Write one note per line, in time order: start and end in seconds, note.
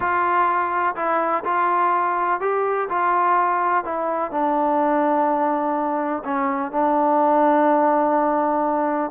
0.00 0.95 F4
0.95 1.43 E4
1.44 2.40 F4
2.40 2.88 G4
2.89 3.84 F4
3.84 4.31 E4
4.31 6.23 D4
6.24 6.71 C#4
6.71 9.11 D4